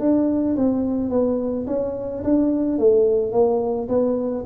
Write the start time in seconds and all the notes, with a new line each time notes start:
0.00 D4
0.56 C4
1.10 B3
1.67 C#4
2.24 D4
2.79 A3
3.32 A#3
3.89 B3